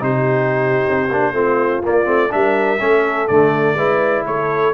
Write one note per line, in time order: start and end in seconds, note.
0.00 0.85 C3
0.00 1.09 D#4
0.00 1.34 G4
0.00 1.84 C5
0.89 1.10 C4
1.10 1.32 A#3
1.10 1.34 D4
1.32 1.81 A3
1.32 1.82 C4
1.32 2.31 F4
1.83 2.05 A#3
1.83 2.07 A#3
1.83 2.32 D5
2.05 2.31 A3
2.05 2.29 C4
2.30 2.80 G3
2.30 2.78 D4
2.30 2.81 A#4
2.30 3.28 E5
2.80 3.28 A3
2.80 3.28 C#4
2.80 3.76 A4
3.28 3.74 D3
3.28 3.77 A3
3.28 4.24 D5
3.74 4.22 G#3
3.74 4.73 E4
3.74 4.24 B4
4.26 4.73 A3
4.26 4.73 A4
4.26 4.73 C#5